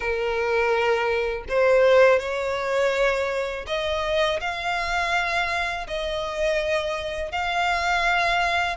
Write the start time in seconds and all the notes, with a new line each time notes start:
0.00 A#4
1.48 C5
2.19 C#5
3.67 D#5
4.40 F5
5.87 D#5
7.31 F5